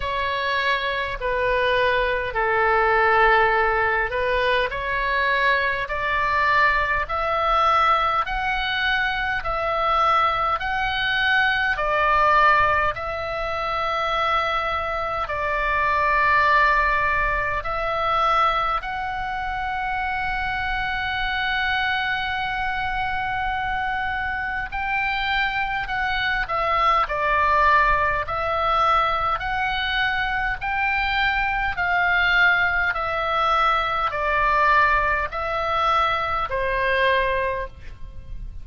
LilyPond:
\new Staff \with { instrumentName = "oboe" } { \time 4/4 \tempo 4 = 51 cis''4 b'4 a'4. b'8 | cis''4 d''4 e''4 fis''4 | e''4 fis''4 d''4 e''4~ | e''4 d''2 e''4 |
fis''1~ | fis''4 g''4 fis''8 e''8 d''4 | e''4 fis''4 g''4 f''4 | e''4 d''4 e''4 c''4 | }